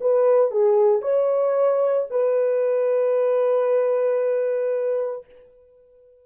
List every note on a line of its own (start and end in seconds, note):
0.00 0.51 B4
0.51 1.01 G#4
1.01 2.07 C#5
2.10 5.25 B4